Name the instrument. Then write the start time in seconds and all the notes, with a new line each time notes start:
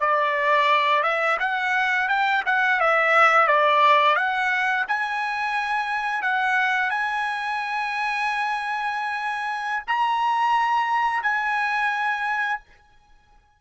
trumpet
0.00 D5
1.03 E5
1.40 F#5
2.09 G5
2.46 F#5
2.81 E5
3.47 D5
4.16 F#5
4.88 G#5
6.23 F#5
6.90 G#5
9.87 A#5
11.23 G#5